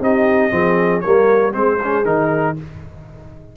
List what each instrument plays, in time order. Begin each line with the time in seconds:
0.00 tuba C4, trombone D#4, horn G4, trumpet D#5
0.50 tuba F3, trombone C4, horn G#4
1.01 tuba G3, trombone A#3, horn A#4, trumpet C#5
1.52 tuba G#3, trombone C4, horn G#4, trumpet C5
1.83 trombone C#4
2.05 tuba D#3, trombone D#4, trumpet A#4